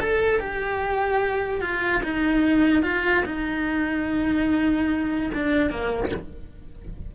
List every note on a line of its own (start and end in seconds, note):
0.00 0.40 A4
0.40 1.61 G4
1.61 2.02 F4
2.03 2.83 D#4
2.83 3.24 F4
3.26 5.31 D#4
5.34 5.70 D4
5.70 6.11 A#3